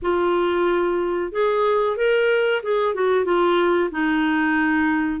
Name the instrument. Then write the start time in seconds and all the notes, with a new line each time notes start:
clarinet
0.01 F4
1.32 G#4
1.97 A#4
2.62 G#4
2.94 F#4
3.24 F4
3.91 D#4